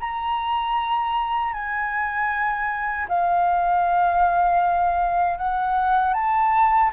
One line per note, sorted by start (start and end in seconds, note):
0.00 1.53 A#5
1.53 3.07 G#5
3.08 5.38 F5
5.38 6.14 F#5
6.14 6.91 A5